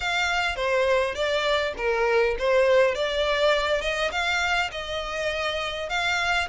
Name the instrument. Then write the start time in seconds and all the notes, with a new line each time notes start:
violin
0.00 F5
0.56 C5
1.14 D5
1.77 A#4
2.39 C5
2.94 D5
3.81 D#5
4.11 F5
4.71 D#5
5.89 F5